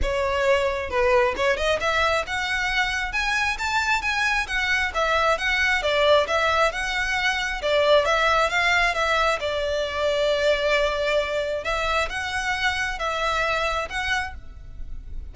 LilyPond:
\new Staff \with { instrumentName = "violin" } { \time 4/4 \tempo 4 = 134 cis''2 b'4 cis''8 dis''8 | e''4 fis''2 gis''4 | a''4 gis''4 fis''4 e''4 | fis''4 d''4 e''4 fis''4~ |
fis''4 d''4 e''4 f''4 | e''4 d''2.~ | d''2 e''4 fis''4~ | fis''4 e''2 fis''4 | }